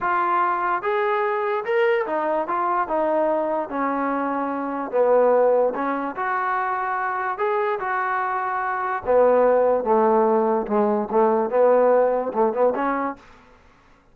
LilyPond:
\new Staff \with { instrumentName = "trombone" } { \time 4/4 \tempo 4 = 146 f'2 gis'2 | ais'4 dis'4 f'4 dis'4~ | dis'4 cis'2. | b2 cis'4 fis'4~ |
fis'2 gis'4 fis'4~ | fis'2 b2 | a2 gis4 a4 | b2 a8 b8 cis'4 | }